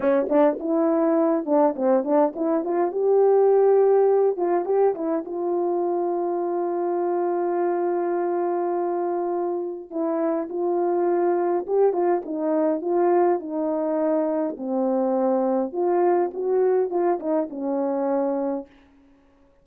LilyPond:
\new Staff \with { instrumentName = "horn" } { \time 4/4 \tempo 4 = 103 cis'8 d'8 e'4. d'8 c'8 d'8 | e'8 f'8 g'2~ g'8 f'8 | g'8 e'8 f'2.~ | f'1~ |
f'4 e'4 f'2 | g'8 f'8 dis'4 f'4 dis'4~ | dis'4 c'2 f'4 | fis'4 f'8 dis'8 cis'2 | }